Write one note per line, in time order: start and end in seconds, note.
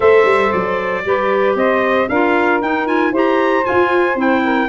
0.00 0.24 A3
0.00 1.02 A4
0.00 1.04 C5
0.00 0.52 E5
0.24 0.50 G3
0.52 1.05 F#3
0.52 1.56 D5
1.04 1.55 G3
1.04 2.09 G4
1.04 1.57 B4
1.55 2.07 C4
1.55 2.08 C5
1.55 2.08 D#5
2.08 2.61 D4
2.08 2.62 F4
2.08 3.11 A#4
2.08 2.61 F5
2.61 3.12 D#4
2.61 2.86 D#4
2.61 2.87 G5
2.86 3.12 F4
2.86 3.13 G#5
3.11 3.64 E4
3.11 3.63 G4
3.11 4.42 C5
3.11 3.65 A#5
3.63 4.16 F4
3.63 4.15 F4
3.63 4.17 G#5
4.15 4.67 C4
4.15 4.68 E4
4.15 4.68 G5
4.43 4.68 A#4